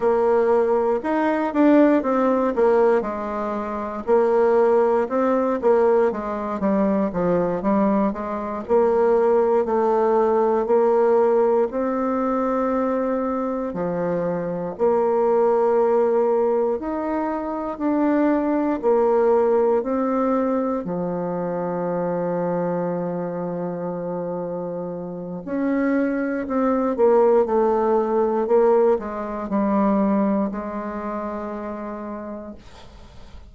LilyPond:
\new Staff \with { instrumentName = "bassoon" } { \time 4/4 \tempo 4 = 59 ais4 dis'8 d'8 c'8 ais8 gis4 | ais4 c'8 ais8 gis8 g8 f8 g8 | gis8 ais4 a4 ais4 c'8~ | c'4. f4 ais4.~ |
ais8 dis'4 d'4 ais4 c'8~ | c'8 f2.~ f8~ | f4 cis'4 c'8 ais8 a4 | ais8 gis8 g4 gis2 | }